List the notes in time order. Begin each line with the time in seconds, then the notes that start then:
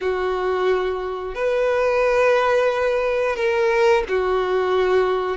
0.01 F#4
1.34 B4
3.36 A#4
4.08 F#4